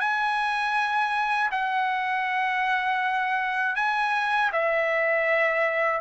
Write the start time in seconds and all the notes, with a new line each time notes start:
0.00 G#5
1.51 F#5
3.76 G#5
4.52 E5